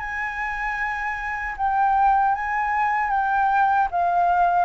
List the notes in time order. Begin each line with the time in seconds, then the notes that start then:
0.00 G#5
1.57 G5
2.35 G#5
3.10 G5
3.91 F5